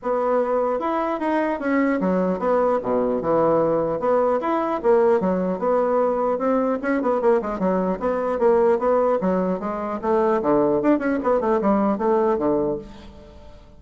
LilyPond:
\new Staff \with { instrumentName = "bassoon" } { \time 4/4 \tempo 4 = 150 b2 e'4 dis'4 | cis'4 fis4 b4 b,4 | e2 b4 e'4 | ais4 fis4 b2 |
c'4 cis'8 b8 ais8 gis8 fis4 | b4 ais4 b4 fis4 | gis4 a4 d4 d'8 cis'8 | b8 a8 g4 a4 d4 | }